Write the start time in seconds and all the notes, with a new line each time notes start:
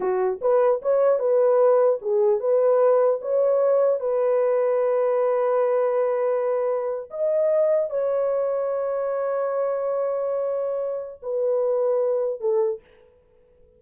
0.00 F#4
0.41 B4
0.81 C#5
1.19 B4
2.01 G#4
2.39 B4
3.21 C#5
4.00 B4
7.10 D#5
7.90 C#5
11.22 B4
12.40 A4